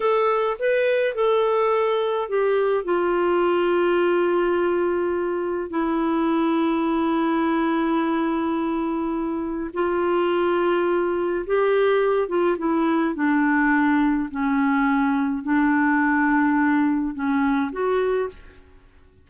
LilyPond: \new Staff \with { instrumentName = "clarinet" } { \time 4/4 \tempo 4 = 105 a'4 b'4 a'2 | g'4 f'2.~ | f'2 e'2~ | e'1~ |
e'4 f'2. | g'4. f'8 e'4 d'4~ | d'4 cis'2 d'4~ | d'2 cis'4 fis'4 | }